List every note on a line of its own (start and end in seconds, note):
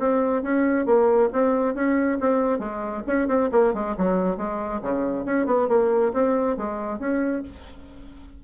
0.00 0.43 C4
0.43 0.86 C#4
0.86 1.30 A#3
1.33 1.75 C4
1.75 2.19 C#4
2.21 2.60 C4
2.60 3.03 G#3
3.07 3.28 C#4
3.28 3.50 C4
3.52 3.74 A#3
3.74 3.96 G#3
3.98 4.38 F#3
4.38 4.81 G#3
4.83 5.26 C#3
5.26 5.47 C#4
5.47 5.69 B3
5.69 6.13 A#3
6.14 6.57 C4
6.57 7.00 G#3
7.00 7.44 C#4